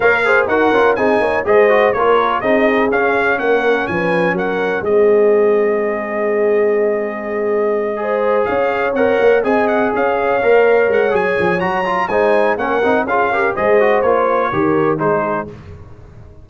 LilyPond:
<<
  \new Staff \with { instrumentName = "trumpet" } { \time 4/4 \tempo 4 = 124 f''4 fis''4 gis''4 dis''4 | cis''4 dis''4 f''4 fis''4 | gis''4 fis''4 dis''2~ | dis''1~ |
dis''4. f''4 fis''4 gis''8 | fis''8 f''2 fis''8 gis''4 | ais''4 gis''4 fis''4 f''4 | dis''4 cis''2 c''4 | }
  \new Staff \with { instrumentName = "horn" } { \time 4/4 cis''8 c''8 ais'4 gis'8 cis''8 c''4 | ais'4 gis'2 ais'4 | b'4 ais'4 gis'2~ | gis'1~ |
gis'8 c''4 cis''2 dis''8~ | dis''8 cis''2.~ cis''8~ | cis''4 c''4 ais'4 gis'8 ais'8 | c''2 ais'4 gis'4 | }
  \new Staff \with { instrumentName = "trombone" } { \time 4/4 ais'8 gis'8 fis'8 f'8 dis'4 gis'8 fis'8 | f'4 dis'4 cis'2~ | cis'2 c'2~ | c'1~ |
c'8 gis'2 ais'4 gis'8~ | gis'4. ais'4. gis'4 | fis'8 f'8 dis'4 cis'8 dis'8 f'8 g'8 | gis'8 fis'8 f'4 g'4 dis'4 | }
  \new Staff \with { instrumentName = "tuba" } { \time 4/4 ais4 dis'8 cis'8 c'8 ais8 gis4 | ais4 c'4 cis'4 ais4 | f4 fis4 gis2~ | gis1~ |
gis4. cis'4 c'8 ais8 c'8~ | c'8 cis'4 ais4 gis8 fis8 f8 | fis4 gis4 ais8 c'8 cis'4 | gis4 ais4 dis4 gis4 | }
>>